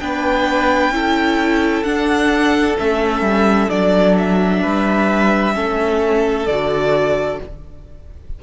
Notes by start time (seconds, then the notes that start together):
0.00 B3 D4 B4 G5
0.90 C#4 E4 A4
1.83 D4 F#5
2.78 A3 C#4 E5
3.21 G3
3.69 F#3 D4 D5
4.18 E5
4.62 G3 B4
5.53 A3 C#4 A4
6.46 D3 F#4 D5